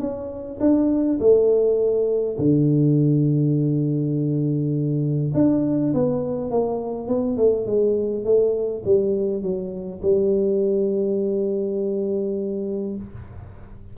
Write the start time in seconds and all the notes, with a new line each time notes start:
0.00 C#4
0.61 D4
1.20 A3
2.38 D3
5.34 D4
5.94 B3
6.51 A#3
7.08 B3
7.37 A3
7.67 G#3
8.25 A3
8.85 G3
9.43 F#3
10.02 G3